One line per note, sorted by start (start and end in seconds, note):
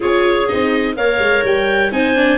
0.00 0.51 C#4
0.00 0.46 F4
0.00 0.94 G#4
0.00 0.48 C#5
0.48 0.96 C4
0.48 0.96 D#4
0.48 0.96 D#5
0.96 1.18 A#3
0.96 1.91 A#4
0.96 1.93 C#5
0.96 1.44 F5
1.18 1.42 G#3
1.44 1.91 G3
1.44 1.92 G5
1.91 2.38 C4
1.91 2.15 D#4
1.91 2.38 C5
1.91 2.38 G#5
2.15 2.38 D4